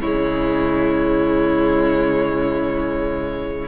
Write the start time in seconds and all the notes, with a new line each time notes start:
0.00 C#3 G#3 E4 C#5